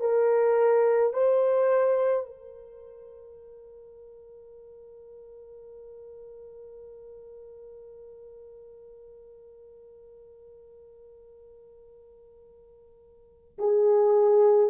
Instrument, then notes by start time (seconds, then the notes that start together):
horn
0.00 A#4
1.13 C5
2.26 A#4
13.58 G#4